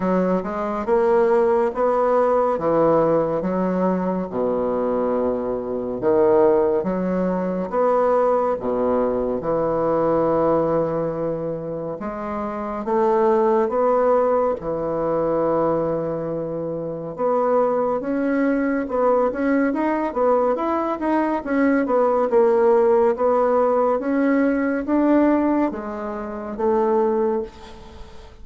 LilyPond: \new Staff \with { instrumentName = "bassoon" } { \time 4/4 \tempo 4 = 70 fis8 gis8 ais4 b4 e4 | fis4 b,2 dis4 | fis4 b4 b,4 e4~ | e2 gis4 a4 |
b4 e2. | b4 cis'4 b8 cis'8 dis'8 b8 | e'8 dis'8 cis'8 b8 ais4 b4 | cis'4 d'4 gis4 a4 | }